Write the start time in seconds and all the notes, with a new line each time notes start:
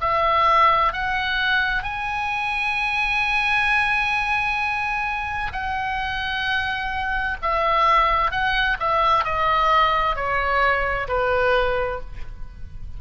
0.00 E5
0.93 F#5
1.83 G#5
5.52 F#5
7.42 E5
8.31 F#5
8.79 E5
9.24 D#5
10.15 C#5
11.08 B4